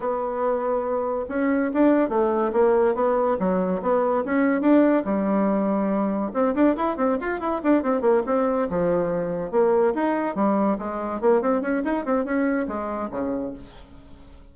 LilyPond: \new Staff \with { instrumentName = "bassoon" } { \time 4/4 \tempo 4 = 142 b2. cis'4 | d'4 a4 ais4 b4 | fis4 b4 cis'4 d'4 | g2. c'8 d'8 |
e'8 c'8 f'8 e'8 d'8 c'8 ais8 c'8~ | c'8 f2 ais4 dis'8~ | dis'8 g4 gis4 ais8 c'8 cis'8 | dis'8 c'8 cis'4 gis4 cis4 | }